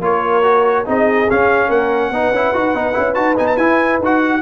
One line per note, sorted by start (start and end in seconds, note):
0.00 0.84 A#3
0.00 0.43 F4
0.00 0.88 A#4
0.00 0.87 C#5
0.43 0.85 F#4
0.85 1.29 C4
0.85 1.27 D#4
0.85 1.67 G#4
0.85 1.30 D#5
1.30 2.13 C#4
1.30 1.69 C#4
1.30 1.71 F5
1.67 2.10 A#3
1.67 2.09 A#4
1.67 3.14 F#5
2.10 2.31 B3
2.10 2.34 D#4
2.10 4.40 B4
2.31 2.52 C#4
2.31 2.54 E4
2.54 2.74 D#4
2.54 2.75 F#4
2.74 2.95 B3
2.74 2.93 D#4
2.93 3.16 C#4
2.93 3.14 E4
3.14 3.37 D#4
3.14 3.35 F#4
3.14 3.35 A5
3.36 3.57 B3
3.36 3.57 D#4
3.36 3.47 G#5
3.47 3.57 A5
3.57 3.99 E4
3.57 4.01 E4
3.57 3.99 G#5
3.99 4.41 D#4
3.99 4.42 F#4
3.99 4.42 F#5